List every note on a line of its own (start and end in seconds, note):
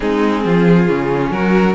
0.00 0.44 G#3
0.00 0.87 C4
0.00 0.44 D#4
0.00 1.31 G#4
0.44 0.89 F3
0.44 1.32 F4
0.87 1.30 C#3
0.87 1.74 C#4
1.30 1.74 F#3
1.30 1.74 F#4
1.30 1.74 A#4